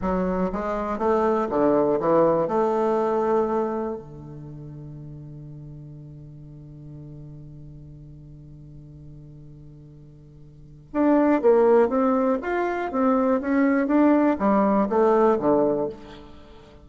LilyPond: \new Staff \with { instrumentName = "bassoon" } { \time 4/4 \tempo 4 = 121 fis4 gis4 a4 d4 | e4 a2. | d1~ | d1~ |
d1~ | d2 d'4 ais4 | c'4 f'4 c'4 cis'4 | d'4 g4 a4 d4 | }